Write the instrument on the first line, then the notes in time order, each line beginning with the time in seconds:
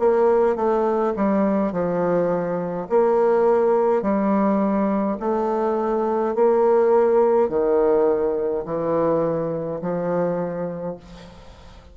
bassoon
0.00 A#3
0.56 A3
1.17 G3
1.73 F3
2.90 A#3
4.03 G3
5.20 A3
6.36 A#3
7.49 D#3
8.65 E3
9.82 F3